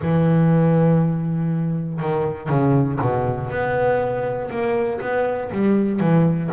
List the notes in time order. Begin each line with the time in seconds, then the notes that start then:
0.02 E3
1.99 D#3
2.49 C#3
3.00 B2
3.50 B3
4.50 A#3
5.00 B3
5.51 G3
6.00 E3